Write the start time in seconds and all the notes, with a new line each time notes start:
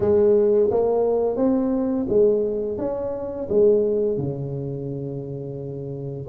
0.00 G#3
0.70 A#3
1.36 C4
2.08 G#3
2.77 C#4
3.49 G#3
4.17 C#3